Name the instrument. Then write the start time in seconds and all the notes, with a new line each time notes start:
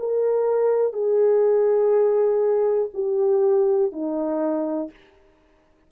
horn
0.00 A#4
0.93 G#4
2.94 G4
3.92 D#4